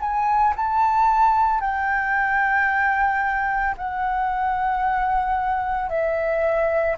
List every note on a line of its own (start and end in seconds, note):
0.00 0.54 G#5
0.56 1.60 A5
1.60 3.75 G5
3.77 5.89 F#5
5.89 6.96 E5